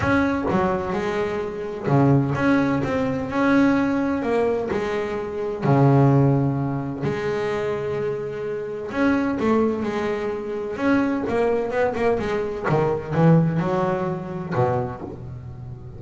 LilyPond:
\new Staff \with { instrumentName = "double bass" } { \time 4/4 \tempo 4 = 128 cis'4 fis4 gis2 | cis4 cis'4 c'4 cis'4~ | cis'4 ais4 gis2 | cis2. gis4~ |
gis2. cis'4 | a4 gis2 cis'4 | ais4 b8 ais8 gis4 dis4 | e4 fis2 b,4 | }